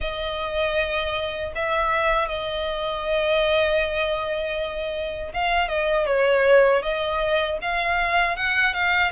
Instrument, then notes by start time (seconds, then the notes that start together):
violin
0.00 D#5
1.55 E5
2.28 D#5
5.33 F5
5.68 D#5
6.06 C#5
6.82 D#5
7.62 F5
8.36 F#5
8.73 F5